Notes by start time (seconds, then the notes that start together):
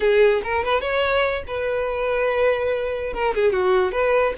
0.00 G#4
0.43 A#4
0.64 B4
0.80 C#5
1.47 B4
3.13 A#4
3.34 G#4
3.52 F#4
3.92 B4